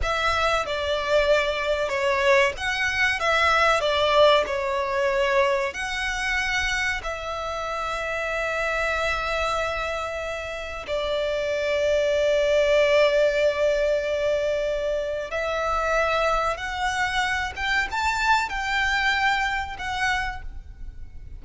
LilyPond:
\new Staff \with { instrumentName = "violin" } { \time 4/4 \tempo 4 = 94 e''4 d''2 cis''4 | fis''4 e''4 d''4 cis''4~ | cis''4 fis''2 e''4~ | e''1~ |
e''4 d''2.~ | d''1 | e''2 fis''4. g''8 | a''4 g''2 fis''4 | }